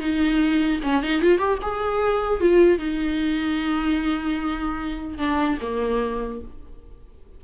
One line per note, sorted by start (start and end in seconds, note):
0.00 0.80 D#4
0.83 1.03 C#4
1.03 1.22 D#4
1.22 1.38 F4
1.38 1.58 G4
1.62 2.40 G#4
2.40 2.78 F4
2.78 5.18 D#4
5.18 5.58 D4
5.61 6.41 A#3